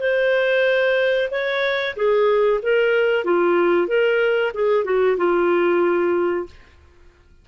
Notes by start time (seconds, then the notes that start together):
0.00 C5
1.31 C#5
1.96 G#4
2.62 A#4
3.24 F4
3.87 A#4
4.54 G#4
4.84 F#4
5.17 F4